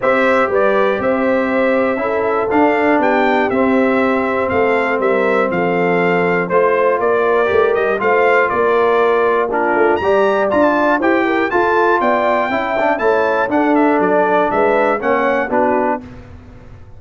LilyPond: <<
  \new Staff \with { instrumentName = "trumpet" } { \time 4/4 \tempo 4 = 120 e''4 d''4 e''2~ | e''4 f''4 g''4 e''4~ | e''4 f''4 e''4 f''4~ | f''4 c''4 d''4. dis''8 |
f''4 d''2 ais'4 | ais''4 a''4 g''4 a''4 | g''2 a''4 fis''8 e''8 | d''4 e''4 fis''4 b'4 | }
  \new Staff \with { instrumentName = "horn" } { \time 4/4 c''4 b'4 c''2 | a'2 g'2~ | g'4 a'4 ais'4 a'4~ | a'4 c''4 ais'2 |
c''4 ais'2 f'4 | d''2 c''8 ais'8 a'4 | d''4 e''4 cis''4 a'4~ | a'4 b'4 cis''4 fis'4 | }
  \new Staff \with { instrumentName = "trombone" } { \time 4/4 g'1 | e'4 d'2 c'4~ | c'1~ | c'4 f'2 g'4 |
f'2. d'4 | g'4 f'4 g'4 f'4~ | f'4 e'8 d'8 e'4 d'4~ | d'2 cis'4 d'4 | }
  \new Staff \with { instrumentName = "tuba" } { \time 4/4 c'4 g4 c'2 | cis'4 d'4 b4 c'4~ | c'4 a4 g4 f4~ | f4 a4 ais4 a8 g8 |
a4 ais2~ ais8 a8 | g4 d'4 e'4 f'4 | b4 cis'4 a4 d'4 | fis4 gis4 ais4 b4 | }
>>